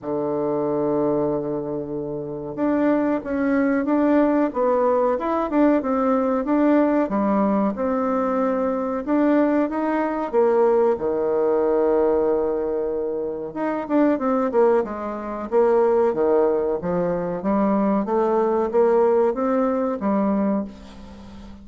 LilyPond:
\new Staff \with { instrumentName = "bassoon" } { \time 4/4 \tempo 4 = 93 d1 | d'4 cis'4 d'4 b4 | e'8 d'8 c'4 d'4 g4 | c'2 d'4 dis'4 |
ais4 dis2.~ | dis4 dis'8 d'8 c'8 ais8 gis4 | ais4 dis4 f4 g4 | a4 ais4 c'4 g4 | }